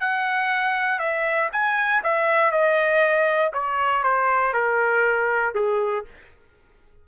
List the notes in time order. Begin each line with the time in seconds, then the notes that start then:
0.00 F#5
0.99 E5
1.52 G#5
2.03 E5
2.51 D#5
3.53 C#5
4.03 C5
4.54 A#4
5.54 G#4